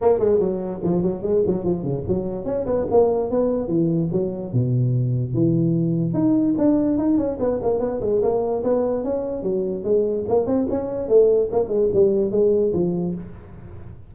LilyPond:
\new Staff \with { instrumentName = "tuba" } { \time 4/4 \tempo 4 = 146 ais8 gis8 fis4 f8 fis8 gis8 fis8 | f8 cis8 fis4 cis'8 b8 ais4 | b4 e4 fis4 b,4~ | b,4 e2 dis'4 |
d'4 dis'8 cis'8 b8 ais8 b8 gis8 | ais4 b4 cis'4 fis4 | gis4 ais8 c'8 cis'4 a4 | ais8 gis8 g4 gis4 f4 | }